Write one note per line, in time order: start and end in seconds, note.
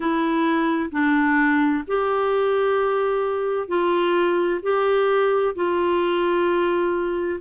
0.00 0.89 E4
0.91 1.84 D4
1.87 3.68 G4
3.68 4.60 F4
4.62 5.54 G4
5.55 7.39 F4